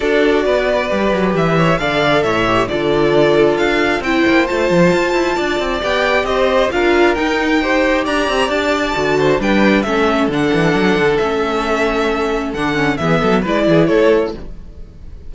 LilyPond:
<<
  \new Staff \with { instrumentName = "violin" } { \time 4/4 \tempo 4 = 134 d''2. e''4 | f''4 e''4 d''2 | f''4 g''4 a''2~ | a''4 g''4 dis''4 f''4 |
g''2 ais''4 a''4~ | a''4 g''4 e''4 fis''4~ | fis''4 e''2. | fis''4 e''4 d''4 cis''4 | }
  \new Staff \with { instrumentName = "violin" } { \time 4/4 a'4 b'2~ b'8 cis''8 | d''4 cis''4 a'2~ | a'4 c''2. | d''2 c''4 ais'4~ |
ais'4 c''4 d''2~ | d''8 c''8 b'4 a'2~ | a'1~ | a'4 gis'8 a'8 b'8 gis'8 a'4 | }
  \new Staff \with { instrumentName = "viola" } { \time 4/4 fis'2 g'2 | a'4. g'8 f'2~ | f'4 e'4 f'2~ | f'4 g'2 f'4 |
dis'4 g'2. | fis'4 d'4 cis'4 d'4~ | d'4 cis'2. | d'8 cis'8 b4 e'2 | }
  \new Staff \with { instrumentName = "cello" } { \time 4/4 d'4 b4 g8 fis8 e4 | d4 a,4 d2 | d'4 c'8 ais8 a8 f8 f'8 e'8 | d'8 c'8 b4 c'4 d'4 |
dis'2 d'8 c'8 d'4 | d4 g4 a4 d8 e8 | fis8 d8 a2. | d4 e8 fis8 gis8 e8 a4 | }
>>